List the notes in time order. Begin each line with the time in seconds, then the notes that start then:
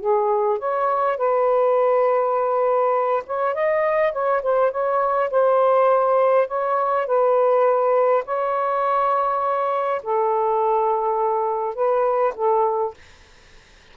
0.00 G#4
0.59 C#5
1.17 B4
3.26 C#5
3.55 D#5
4.12 C#5
4.43 C5
4.71 C#5
5.30 C5
6.48 C#5
7.07 B4
8.25 C#5
10.03 A4
11.75 B4
12.36 A4